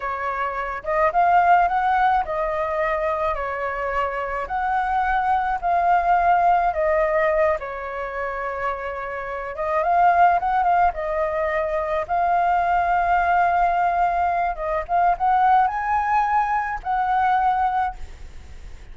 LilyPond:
\new Staff \with { instrumentName = "flute" } { \time 4/4 \tempo 4 = 107 cis''4. dis''8 f''4 fis''4 | dis''2 cis''2 | fis''2 f''2 | dis''4. cis''2~ cis''8~ |
cis''4 dis''8 f''4 fis''8 f''8 dis''8~ | dis''4. f''2~ f''8~ | f''2 dis''8 f''8 fis''4 | gis''2 fis''2 | }